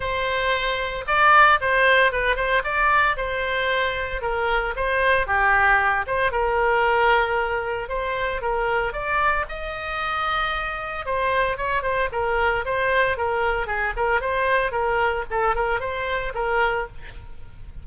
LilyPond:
\new Staff \with { instrumentName = "oboe" } { \time 4/4 \tempo 4 = 114 c''2 d''4 c''4 | b'8 c''8 d''4 c''2 | ais'4 c''4 g'4. c''8 | ais'2. c''4 |
ais'4 d''4 dis''2~ | dis''4 c''4 cis''8 c''8 ais'4 | c''4 ais'4 gis'8 ais'8 c''4 | ais'4 a'8 ais'8 c''4 ais'4 | }